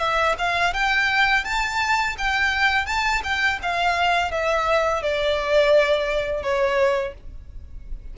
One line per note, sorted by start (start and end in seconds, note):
0.00 0.36 E5
0.39 0.74 F5
0.74 1.45 G5
1.45 2.16 A5
2.19 2.86 G5
2.86 3.22 A5
3.24 3.60 G5
3.63 4.32 F5
4.32 5.03 E5
5.03 6.43 D5
6.43 7.15 C#5